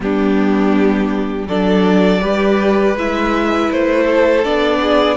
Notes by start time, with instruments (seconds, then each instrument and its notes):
0.00 cello G3, viola B3, violin D4 G4
1.47 cello F#3, viola D4, violin A4 D5
2.20 cello G3, viola G4, violin B4
2.95 cello G#3, viola E4, violin E5
3.71 cello A3, violin C5
4.03 violin A4
4.44 cello B3, viola D4, violin D5
4.81 violin G#4